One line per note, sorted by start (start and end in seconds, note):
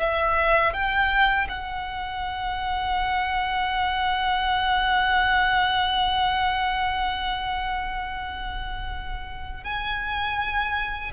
0.00 0.74 E5
0.74 1.48 G5
1.49 9.64 F#5
9.64 11.12 G#5